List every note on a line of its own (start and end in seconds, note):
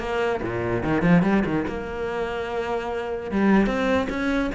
0.00 0.41 A#3
0.43 0.83 A#2
0.83 1.02 D#3
1.02 1.23 F3
1.23 1.44 G3
1.46 1.66 D#3
1.68 3.32 A#3
3.32 3.67 G3
3.67 4.08 C4
4.10 4.51 C#4